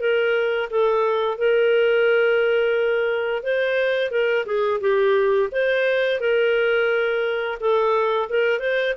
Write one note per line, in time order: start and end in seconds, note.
0.00 0.69 A#4
0.70 1.38 A4
1.38 3.43 A#4
3.43 4.11 C5
4.11 4.45 A#4
4.45 4.80 G#4
4.80 5.49 G4
5.51 6.20 C5
6.20 7.58 A#4
7.60 8.29 A4
8.29 8.59 A#4
8.59 8.94 C5